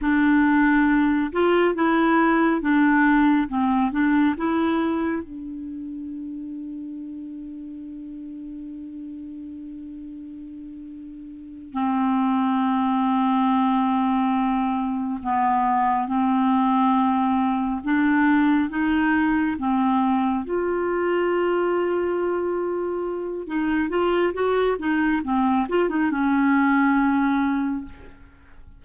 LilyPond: \new Staff \with { instrumentName = "clarinet" } { \time 4/4 \tempo 4 = 69 d'4. f'8 e'4 d'4 | c'8 d'8 e'4 d'2~ | d'1~ | d'4. c'2~ c'8~ |
c'4. b4 c'4.~ | c'8 d'4 dis'4 c'4 f'8~ | f'2. dis'8 f'8 | fis'8 dis'8 c'8 f'16 dis'16 cis'2 | }